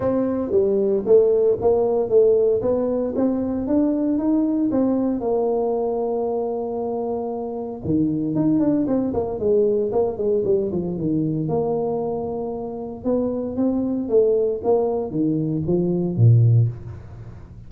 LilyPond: \new Staff \with { instrumentName = "tuba" } { \time 4/4 \tempo 4 = 115 c'4 g4 a4 ais4 | a4 b4 c'4 d'4 | dis'4 c'4 ais2~ | ais2. dis4 |
dis'8 d'8 c'8 ais8 gis4 ais8 gis8 | g8 f8 dis4 ais2~ | ais4 b4 c'4 a4 | ais4 dis4 f4 ais,4 | }